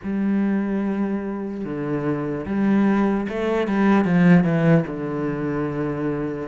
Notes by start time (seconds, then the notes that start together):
0.03 G3
1.64 D3
2.46 G3
3.28 A3
3.67 G3
4.04 F3
4.43 E3
4.86 D3